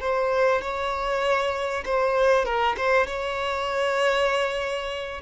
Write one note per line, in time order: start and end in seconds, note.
0.00 0.61 C5
0.61 1.83 C#5
1.85 2.45 C5
2.45 2.75 A#4
2.77 3.06 C5
3.06 5.21 C#5